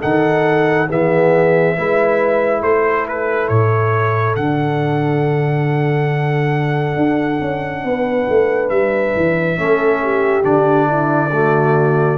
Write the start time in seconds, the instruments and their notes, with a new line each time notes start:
0.00 tuba D#3, trombone D#4, horn A4, trumpet F#5
0.89 tuba E3, trombone B3, horn G#4, trumpet E5
1.76 tuba G#3, trombone E4, horn B4
2.61 tuba A3, horn A4, trumpet C5
3.08 trumpet B4
3.48 tuba A2, trumpet C#5
4.36 tuba D3, trombone D4, trumpet F#5
6.96 tuba D4
7.41 tuba C#4
7.84 tuba B3, horn B4
8.29 tuba A3
8.69 tuba G3, trumpet E5
9.15 tuba E3
9.57 tuba A3, trombone C#4, horn A4
10.03 horn G4
10.43 tuba D3, trombone D4, trumpet D5
10.87 horn E4
11.32 trombone A3, horn F#4